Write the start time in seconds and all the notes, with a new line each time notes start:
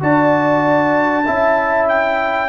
0.00 D4 F#4 D5 A5
1.25 C#4 E4 E5
1.89 G5